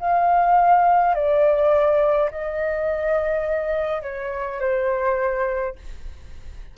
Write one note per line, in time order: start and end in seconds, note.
0.00 1.14 F5
1.14 2.30 D5
2.31 4.03 D#5
4.03 4.60 C#5
4.60 5.76 C5